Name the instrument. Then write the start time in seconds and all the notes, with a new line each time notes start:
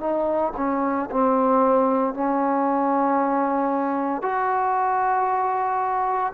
trombone
0.00 D#4
0.57 C#4
1.11 C4
2.14 C#4
4.22 F#4